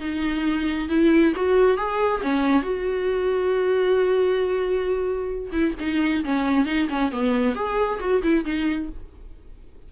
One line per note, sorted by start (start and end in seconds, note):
0.00 0.88 D#4
0.88 1.33 E4
1.36 1.77 F#4
1.77 2.22 G#4
2.22 2.62 C#4
2.62 5.51 F#4
5.52 5.74 E4
5.79 6.24 D#4
6.24 6.65 C#4
6.65 6.88 D#4
6.89 7.11 C#4
7.12 7.55 B3
7.55 7.99 G#4
8.00 8.22 F#4
8.22 8.45 E4
8.45 8.89 D#4